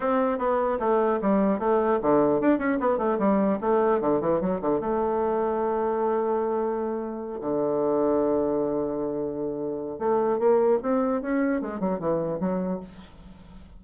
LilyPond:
\new Staff \with { instrumentName = "bassoon" } { \time 4/4 \tempo 4 = 150 c'4 b4 a4 g4 | a4 d4 d'8 cis'8 b8 a8 | g4 a4 d8 e8 fis8 d8 | a1~ |
a2~ a8 d4.~ | d1~ | d4 a4 ais4 c'4 | cis'4 gis8 fis8 e4 fis4 | }